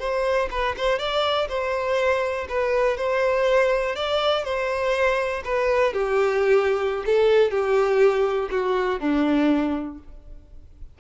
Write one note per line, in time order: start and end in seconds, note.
0.00 0.49 C5
0.51 0.76 B4
0.78 0.99 C5
0.99 1.48 D5
1.49 2.47 C5
2.49 2.98 B4
2.98 3.96 C5
3.96 4.45 D5
4.45 5.43 C5
5.45 5.94 B4
5.94 7.04 G4
7.06 7.51 A4
7.51 8.49 G4
8.51 9.00 F#4
9.00 9.99 D4